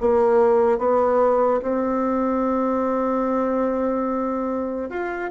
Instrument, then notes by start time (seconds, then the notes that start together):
bassoon
0.00 A#3
0.78 B3
1.62 C4
4.89 F4